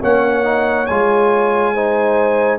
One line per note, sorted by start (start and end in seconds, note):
0.00 0.88 A#3
0.00 0.43 C#4
0.00 1.71 C#5
0.00 0.86 F#5
0.43 0.86 D#4
0.86 2.59 G#3
0.86 1.75 F4
0.86 2.58 G#5
1.74 2.59 D#4
1.74 2.59 C5